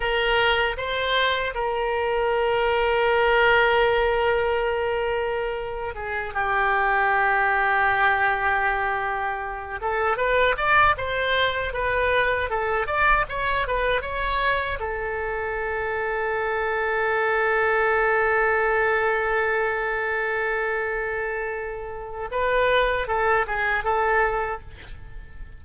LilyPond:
\new Staff \with { instrumentName = "oboe" } { \time 4/4 \tempo 4 = 78 ais'4 c''4 ais'2~ | ais'2.~ ais'8. gis'16~ | gis'16 g'2.~ g'8.~ | g'8. a'8 b'8 d''8 c''4 b'8.~ |
b'16 a'8 d''8 cis''8 b'8 cis''4 a'8.~ | a'1~ | a'1~ | a'4 b'4 a'8 gis'8 a'4 | }